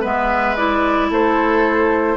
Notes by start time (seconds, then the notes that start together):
0.00 G#3 B3 B4 E5
0.56 E4 D5
1.10 A3 A4 C5